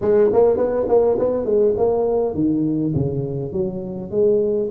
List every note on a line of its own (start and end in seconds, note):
0.01 0.30 G#3
0.32 0.57 A#3
0.57 0.86 B3
0.88 1.17 A#3
1.18 1.45 B3
1.45 1.74 G#3
1.77 2.34 A#3
2.34 2.93 D#3
2.94 3.52 C#3
3.52 4.10 F#3
4.10 4.69 G#3